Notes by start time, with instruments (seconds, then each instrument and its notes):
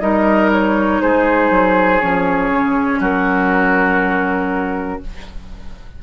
0.00 bassoon G3, clarinet D#4, oboe A#4, flute D#5
0.52 flute C#5
1.01 bassoon G#3, oboe G#4, flute C5
1.50 bassoon F#3
2.00 bassoon F3, clarinet C#4, flute C#5
2.50 bassoon C#3
2.99 bassoon F#3, oboe F#4, flute A#4